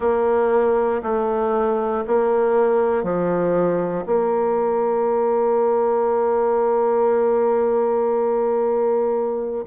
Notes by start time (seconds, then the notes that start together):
0.00 A#3
1.02 A3
2.07 A#3
3.03 F3
4.05 A#3